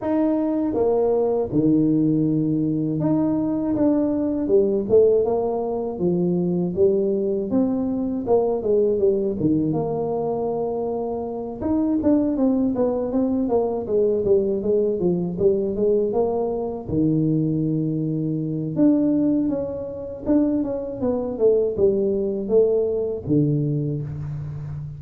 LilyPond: \new Staff \with { instrumentName = "tuba" } { \time 4/4 \tempo 4 = 80 dis'4 ais4 dis2 | dis'4 d'4 g8 a8 ais4 | f4 g4 c'4 ais8 gis8 | g8 dis8 ais2~ ais8 dis'8 |
d'8 c'8 b8 c'8 ais8 gis8 g8 gis8 | f8 g8 gis8 ais4 dis4.~ | dis4 d'4 cis'4 d'8 cis'8 | b8 a8 g4 a4 d4 | }